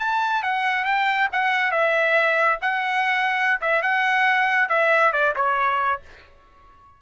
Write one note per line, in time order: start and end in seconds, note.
0.00 0.43 A5
0.43 0.85 F#5
0.85 1.29 G5
1.33 1.72 F#5
1.72 2.60 E5
2.62 3.61 F#5
3.62 3.83 E5
3.83 4.69 F#5
4.69 5.13 E5
5.13 5.35 D5
5.36 6.02 C#5